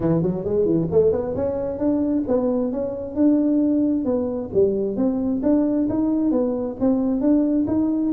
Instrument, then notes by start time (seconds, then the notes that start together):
tuba
0.00 E3
0.22 F#3
0.44 G#3
0.65 E3
0.91 A3
1.12 B3
1.35 C#4
1.78 D4
2.27 B3
2.72 C#4
3.15 D4
4.04 B3
4.53 G3
4.96 C4
5.42 D4
5.89 D#4
6.31 B3
6.80 C4
7.20 D4
7.67 D#4